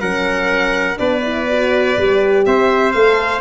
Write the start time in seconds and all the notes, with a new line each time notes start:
0.00 F#3 C#4 A#4 F#5
0.96 B3 D4 B4 D5
1.22 E4
1.49 F#4
1.97 G3 G4
2.45 C4 C5 E5
2.92 A3 A4 F5